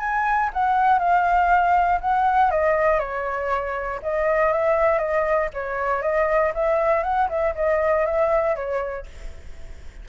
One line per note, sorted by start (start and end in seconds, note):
0.00 0.50 G#5
0.53 0.99 F#5
0.99 2.00 F5
2.01 2.51 F#5
2.51 3.00 D#5
3.00 4.01 C#5
4.03 4.53 D#5
4.53 4.99 E5
4.99 5.49 D#5
5.54 6.03 C#5
6.03 6.53 D#5
6.55 7.03 E5
7.03 7.29 F#5
7.29 7.55 E5
7.55 8.06 D#5
8.06 8.56 E5
8.56 9.06 C#5